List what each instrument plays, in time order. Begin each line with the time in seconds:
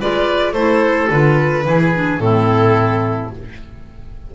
0.00 double bass G#3, clarinet F4, oboe B4, violin D5
0.53 double bass A3, clarinet E4, oboe A4, violin C5
1.10 double bass D3, clarinet F4, violin B4
1.65 double bass E3, clarinet E4, oboe G#4
1.95 clarinet D4
2.19 double bass A2, clarinet C4, oboe E4, violin A4